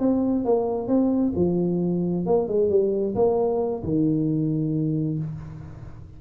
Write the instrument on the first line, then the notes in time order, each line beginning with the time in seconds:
tuba
0.00 C4
0.45 A#3
0.88 C4
1.36 F3
2.26 A#3
2.48 G#3
2.70 G3
3.16 A#3
3.83 D#3